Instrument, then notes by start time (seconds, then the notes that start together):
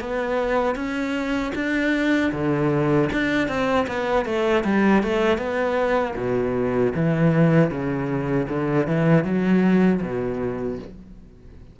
cello
0.00 B3
0.75 C#4
1.55 D4
2.32 D3
3.12 D4
3.48 C4
3.87 B3
4.25 A3
4.64 G3
5.03 A3
5.37 B3
6.16 B2
6.95 E3
7.70 C#3
8.48 D3
8.87 E3
9.24 F#3
10.01 B2